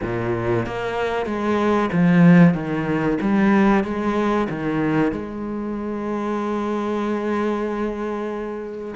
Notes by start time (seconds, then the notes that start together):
0.02 A#2
0.66 A#3
1.26 G#3
1.92 F3
2.54 D#3
3.21 G3
3.84 G#3
4.49 D#3
5.12 G#3